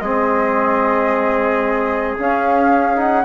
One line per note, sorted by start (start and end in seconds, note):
0.00 2.17 G#3
0.00 2.19 C4
0.00 3.25 G#4
0.00 2.16 D#5
2.19 3.25 C#4
2.19 2.97 C#4
2.19 3.00 F5
2.97 3.24 D#4
2.97 3.25 F#5